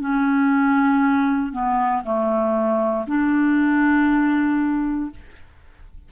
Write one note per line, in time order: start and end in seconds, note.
0.00 1.52 C#4
1.52 2.03 B3
2.04 3.06 A3
3.07 5.10 D4